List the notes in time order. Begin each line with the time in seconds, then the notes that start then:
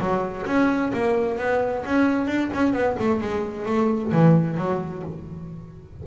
0.00 F#3
0.46 C#4
0.93 A#3
1.38 B3
1.85 C#4
2.27 D4
2.53 C#4
2.73 B3
2.99 A3
3.21 G#3
3.66 A3
4.12 E3
4.57 F#3